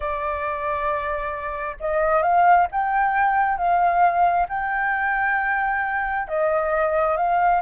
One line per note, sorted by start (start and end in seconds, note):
0.00 1.76 D5
1.80 2.22 D#5
2.22 2.67 F5
2.71 3.57 G5
3.57 4.47 F5
4.49 6.27 G5
6.27 7.16 D#5
7.16 7.61 F5